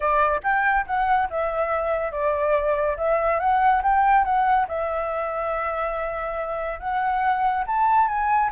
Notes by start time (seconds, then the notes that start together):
0.00 D5
0.43 G5
0.86 F#5
1.30 E5
2.11 D5
2.97 E5
3.39 F#5
3.82 G5
4.24 F#5
4.68 E5
6.79 F#5
7.66 A5
8.08 G#5